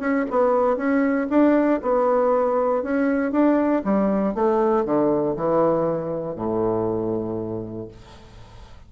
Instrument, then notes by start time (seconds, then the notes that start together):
bassoon
0.00 C#4
0.31 B3
0.77 C#4
1.30 D4
1.82 B3
2.83 C#4
3.32 D4
3.84 G3
4.35 A3
4.85 D3
5.36 E3
6.36 A2